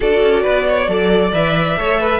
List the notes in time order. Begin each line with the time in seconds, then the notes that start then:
0.00 D4 F#4 A4 D5
0.22 C#4
0.42 B3 B4
0.68 C#5
0.87 F#3 A4 D5
1.32 E3 B4 E5
1.76 A3 A4 C#5
1.99 B4